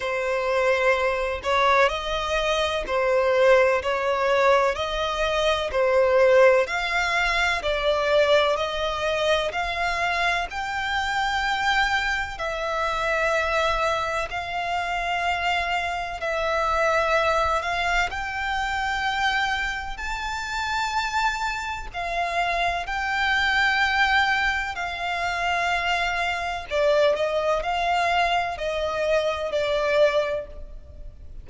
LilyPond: \new Staff \with { instrumentName = "violin" } { \time 4/4 \tempo 4 = 63 c''4. cis''8 dis''4 c''4 | cis''4 dis''4 c''4 f''4 | d''4 dis''4 f''4 g''4~ | g''4 e''2 f''4~ |
f''4 e''4. f''8 g''4~ | g''4 a''2 f''4 | g''2 f''2 | d''8 dis''8 f''4 dis''4 d''4 | }